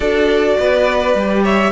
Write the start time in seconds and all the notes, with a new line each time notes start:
0.00 D4 F#4 A4 D5
0.59 B3 B4
1.14 G3 G4
1.43 C#5 E5